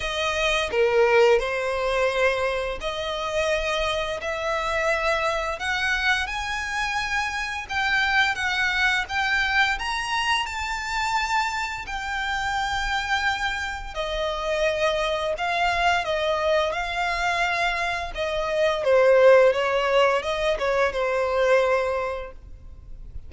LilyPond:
\new Staff \with { instrumentName = "violin" } { \time 4/4 \tempo 4 = 86 dis''4 ais'4 c''2 | dis''2 e''2 | fis''4 gis''2 g''4 | fis''4 g''4 ais''4 a''4~ |
a''4 g''2. | dis''2 f''4 dis''4 | f''2 dis''4 c''4 | cis''4 dis''8 cis''8 c''2 | }